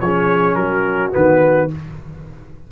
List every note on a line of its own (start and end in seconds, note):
0.00 0.55 F3
0.00 1.11 C#4
0.00 0.58 G#4
0.00 0.55 C#5
0.55 1.12 F#3
0.55 1.70 F#4
0.55 1.11 A#4
1.11 1.71 D#3
1.11 1.68 B3
1.11 1.70 B4